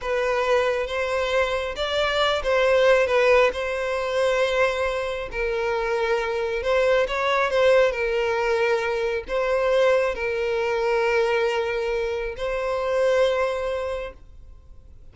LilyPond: \new Staff \with { instrumentName = "violin" } { \time 4/4 \tempo 4 = 136 b'2 c''2 | d''4. c''4. b'4 | c''1 | ais'2. c''4 |
cis''4 c''4 ais'2~ | ais'4 c''2 ais'4~ | ais'1 | c''1 | }